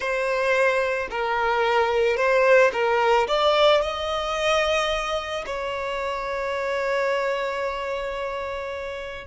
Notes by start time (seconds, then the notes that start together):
0.00 C5
1.10 A#4
2.16 C5
2.72 A#4
3.27 D5
3.81 D#5
5.46 C#5